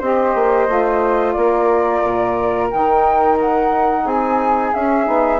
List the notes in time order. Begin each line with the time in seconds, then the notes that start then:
0.00 C4 G4 C5 D#5
0.35 A#3
0.67 A3 F4
1.33 A#3 D5
1.39 A#4
2.03 A#2
2.71 D#3 D#4 G5
3.40 F#5
4.05 C4 G#4 G#5
4.74 C#4 E5
5.05 B3 D#4